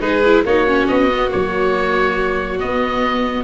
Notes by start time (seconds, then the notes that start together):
0.00 G#3 D#4 G#4 B4
0.26 E4
0.45 A#3 D#4 F#4 C#5
0.67 C#4
0.87 B3 D#5
1.11 B3
1.30 F#3 A#3 C#5
2.60 B3 D#5